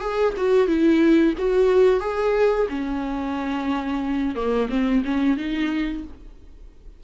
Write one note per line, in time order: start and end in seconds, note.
0.00 0.33 G#4
0.37 0.67 F#4
0.67 1.34 E4
1.38 2.00 F#4
2.00 2.67 G#4
2.69 4.35 C#4
4.35 4.68 A#3
4.69 5.02 C4
5.04 5.37 C#4
5.37 6.03 D#4